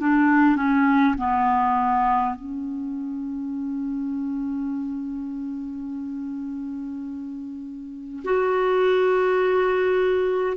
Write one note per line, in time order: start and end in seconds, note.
0.00 0.57 D4
0.57 1.16 C#4
1.18 2.35 B3
2.35 8.24 C#4
8.25 10.57 F#4